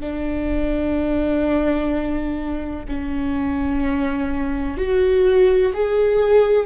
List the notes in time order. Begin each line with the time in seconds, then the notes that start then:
0.00 D4
2.88 C#4
4.77 F#4
5.74 G#4